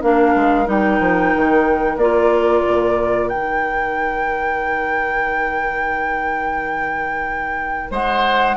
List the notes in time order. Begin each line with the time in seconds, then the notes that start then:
0.00 A#3 D4 A#4 F5
0.35 G#3
0.66 G3 D#4 G5
1.00 F3
1.36 D#3
1.97 A#3 F4 D5
2.67 A#2
3.28 D#3 D#4 G5
7.91 G#3 C5 F#5